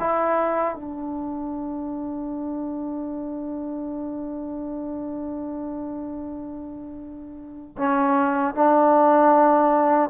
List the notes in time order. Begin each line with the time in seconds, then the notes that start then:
0.00 E4
0.75 D4
7.78 C#4
8.55 D4